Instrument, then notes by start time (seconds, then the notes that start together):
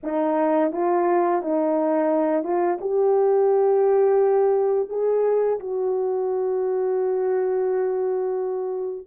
horn
0.03 D#4
0.72 F4
1.41 D#4
2.43 F4
2.80 G4
4.89 G#4
5.59 F#4